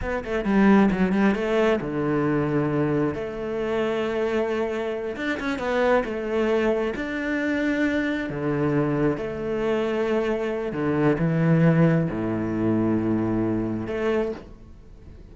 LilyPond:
\new Staff \with { instrumentName = "cello" } { \time 4/4 \tempo 4 = 134 b8 a8 g4 fis8 g8 a4 | d2. a4~ | a2.~ a8 d'8 | cis'8 b4 a2 d'8~ |
d'2~ d'8 d4.~ | d8 a2.~ a8 | d4 e2 a,4~ | a,2. a4 | }